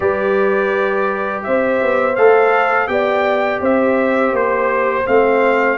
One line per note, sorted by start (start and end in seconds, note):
0.00 1.43 G3
0.00 2.13 G4
0.00 1.45 B4
0.00 1.42 D5
1.43 1.82 C4
1.43 2.91 C5
1.43 2.15 E5
1.82 2.17 B3
2.15 2.88 A3
2.15 2.88 A4
2.15 2.87 F5
2.87 3.60 B3
2.87 5.05 G4
2.87 3.61 D5
2.87 3.59 G5
3.61 4.32 C4
3.61 5.77 C5
3.61 4.35 E5
4.32 5.05 A#3
4.32 5.06 C5
5.06 5.77 A3
5.06 5.77 C4
5.06 5.77 F5